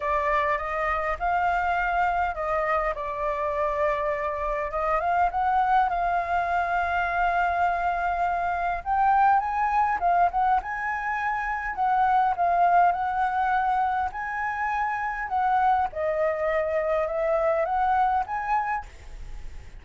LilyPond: \new Staff \with { instrumentName = "flute" } { \time 4/4 \tempo 4 = 102 d''4 dis''4 f''2 | dis''4 d''2. | dis''8 f''8 fis''4 f''2~ | f''2. g''4 |
gis''4 f''8 fis''8 gis''2 | fis''4 f''4 fis''2 | gis''2 fis''4 dis''4~ | dis''4 e''4 fis''4 gis''4 | }